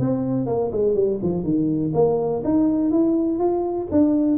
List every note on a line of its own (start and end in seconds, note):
0.00 0.47 C4
0.47 0.71 A#3
0.73 0.95 G#3
0.95 1.20 G3
1.23 1.44 F3
1.44 1.93 D#3
1.95 2.43 A#3
2.45 2.92 D#4
2.92 3.39 E4
3.39 3.88 F4
3.92 4.38 D4